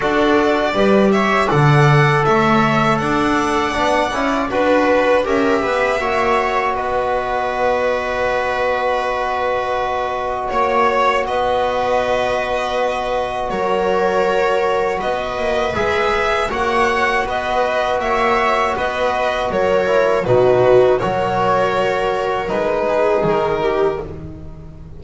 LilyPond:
<<
  \new Staff \with { instrumentName = "violin" } { \time 4/4 \tempo 4 = 80 d''4. e''8 fis''4 e''4 | fis''2 b'4 e''4~ | e''4 dis''2.~ | dis''2 cis''4 dis''4~ |
dis''2 cis''2 | dis''4 e''4 fis''4 dis''4 | e''4 dis''4 cis''4 b'4 | cis''2 b'4 ais'4 | }
  \new Staff \with { instrumentName = "viola" } { \time 4/4 a'4 b'8 cis''8 d''4 cis''4 | d''2 b'4 ais'8 b'8 | cis''4 b'2.~ | b'2 cis''4 b'4~ |
b'2 ais'2 | b'2 cis''4 b'4 | cis''4 b'4 ais'4 fis'4 | ais'2~ ais'8 gis'4 g'8 | }
  \new Staff \with { instrumentName = "trombone" } { \time 4/4 fis'4 g'4 a'2~ | a'4 d'8 e'8 fis'4 g'4 | fis'1~ | fis'1~ |
fis'1~ | fis'4 gis'4 fis'2~ | fis'2~ fis'8 e'8 dis'4 | fis'2 dis'2 | }
  \new Staff \with { instrumentName = "double bass" } { \time 4/4 d'4 g4 d4 a4 | d'4 b8 cis'8 d'4 cis'8 b8 | ais4 b2.~ | b2 ais4 b4~ |
b2 fis2 | b8 ais8 gis4 ais4 b4 | ais4 b4 fis4 b,4 | fis2 gis4 dis4 | }
>>